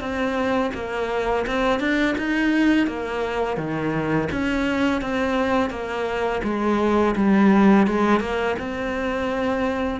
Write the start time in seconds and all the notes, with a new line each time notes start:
0.00 C4
0.74 A#3
1.46 C4
1.80 D4
2.18 D#4
2.87 A#3
3.57 D#3
4.31 C#4
5.01 C4
5.70 A#3
6.43 G#3
7.16 G3
7.87 G#3
8.20 A#3
8.59 C4